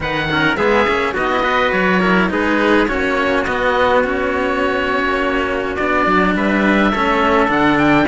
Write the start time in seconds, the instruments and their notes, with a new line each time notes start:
0.00 cello D#3 D#4, trumpet B4, oboe F#5
0.30 cello C#4, trumpet A#4
0.56 cello G#3 B3, trumpet G#4, oboe E5
0.87 cello A#3 C#4
1.13 cello B3 D#4, trumpet F#4, oboe D#5
1.31 cello E4
1.42 cello F#4, trumpet B4
1.72 cello F#3, oboe C#5
2.00 cello E4, trumpet A#4
2.29 cello G#3 D#4, trumpet G#4, oboe B4
2.87 cello A#3 C#4, trumpet F#4, oboe C#5
3.44 cello B3, oboe D#5
4.04 cello C#4, oboe C#5
5.03 cello A#3
5.76 cello B3 D4, oboe D5
6.06 cello F#3
6.34 cello G3, trumpet B4, oboe E5
6.91 cello A3 C#4, trumpet A4
7.47 cello D3 D4, oboe F#5
7.78 oboe G5